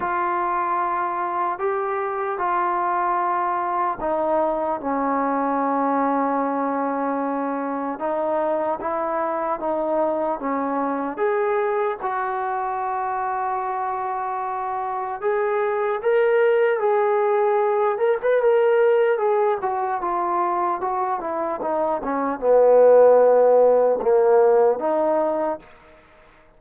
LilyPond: \new Staff \with { instrumentName = "trombone" } { \time 4/4 \tempo 4 = 75 f'2 g'4 f'4~ | f'4 dis'4 cis'2~ | cis'2 dis'4 e'4 | dis'4 cis'4 gis'4 fis'4~ |
fis'2. gis'4 | ais'4 gis'4. ais'16 b'16 ais'4 | gis'8 fis'8 f'4 fis'8 e'8 dis'8 cis'8 | b2 ais4 dis'4 | }